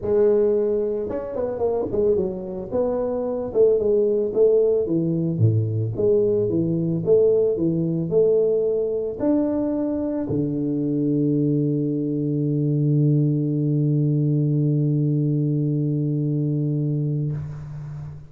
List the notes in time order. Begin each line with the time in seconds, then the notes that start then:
0.01 G#3
1.09 C#4
1.35 B3
1.58 A#3
1.91 G#3
2.16 F#3
2.71 B3
3.53 A3
3.78 G#3
4.34 A3
4.86 E3
5.38 A2
5.96 G#3
6.49 E3
7.05 A3
7.56 E3
8.09 A3
9.19 D4
10.29 D3